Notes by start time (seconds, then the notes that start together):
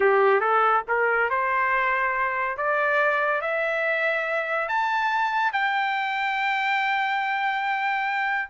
0.00 G4
0.40 A4
0.87 A#4
1.30 C5
2.57 D5
3.41 E5
4.68 A5
5.52 G5